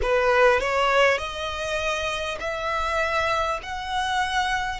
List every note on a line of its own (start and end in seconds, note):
0.02 0.59 B4
0.59 1.17 C#5
1.17 2.37 D#5
2.40 3.60 E5
3.63 4.79 F#5